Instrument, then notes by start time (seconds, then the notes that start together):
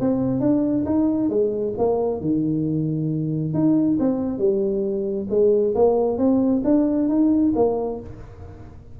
tuba
0.00 C4
0.40 D4
0.85 D#4
1.29 G#3
1.77 A#3
2.20 D#3
3.54 D#4
3.99 C4
4.38 G3
5.29 G#3
5.75 A#3
6.17 C4
6.64 D4
7.08 D#4
7.55 A#3